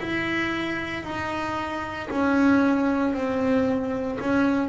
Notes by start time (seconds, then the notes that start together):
0.00 E4
1.04 D#4
2.11 C#4
3.14 C4
4.21 C#4